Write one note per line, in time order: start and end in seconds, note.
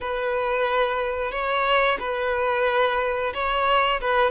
0.00 1.31 B4
1.31 1.98 C#5
1.99 3.33 B4
3.33 4.00 C#5
4.00 4.31 B4